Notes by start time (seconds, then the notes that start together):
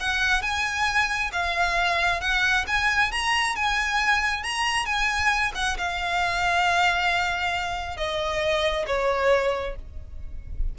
0.00 F#5
0.42 G#5
1.32 F5
2.21 F#5
2.67 G#5
3.11 A#5
3.56 G#5
4.43 A#5
4.85 G#5
5.55 F#5
5.78 F5
7.97 D#5
8.87 C#5